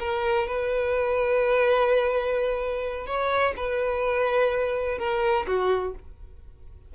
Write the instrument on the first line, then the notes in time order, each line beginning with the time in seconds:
violin
0.00 A#4
0.48 B4
3.07 C#5
3.57 B4
4.99 A#4
5.47 F#4